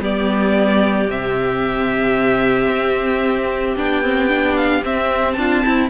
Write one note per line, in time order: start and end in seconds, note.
0.00 1.07 G3
0.00 1.07 B3
0.00 5.37 G4
0.00 1.09 D5
1.08 2.68 C3
1.08 3.76 C4
1.08 3.77 E5
2.68 3.75 C4
3.76 4.83 B3
3.76 4.02 D4
3.76 4.56 G5
4.02 4.28 C4
4.28 4.82 D4
4.56 4.83 F5
4.82 5.90 C4
4.82 5.36 C4
4.82 5.32 E5
5.32 5.63 D4
5.32 5.86 A5
5.39 5.64 F4
5.64 5.90 C4
5.64 5.90 E4